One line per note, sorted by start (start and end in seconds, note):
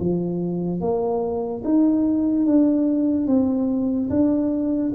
0.00 0.81 F3
0.81 1.63 A#3
1.64 2.46 D#4
2.46 3.27 D4
3.27 4.09 C4
4.10 4.92 D4